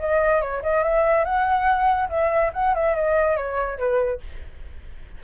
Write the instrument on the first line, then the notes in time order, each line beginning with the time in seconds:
flute
0.00 D#5
0.42 C#5
0.63 D#5
0.84 E5
1.25 F#5
2.10 E5
2.54 F#5
2.75 E5
2.96 D#5
3.37 C#5
3.79 B4